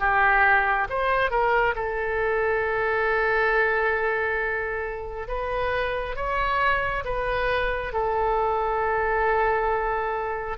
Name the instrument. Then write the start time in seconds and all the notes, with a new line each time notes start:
oboe
0.00 G4
0.89 C5
1.31 A#4
1.76 A4
5.28 B4
6.16 C#5
7.05 B4
7.93 A4